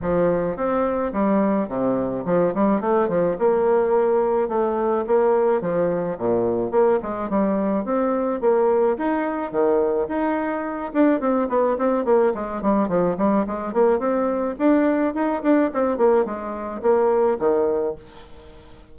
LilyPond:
\new Staff \with { instrumentName = "bassoon" } { \time 4/4 \tempo 4 = 107 f4 c'4 g4 c4 | f8 g8 a8 f8 ais2 | a4 ais4 f4 ais,4 | ais8 gis8 g4 c'4 ais4 |
dis'4 dis4 dis'4. d'8 | c'8 b8 c'8 ais8 gis8 g8 f8 g8 | gis8 ais8 c'4 d'4 dis'8 d'8 | c'8 ais8 gis4 ais4 dis4 | }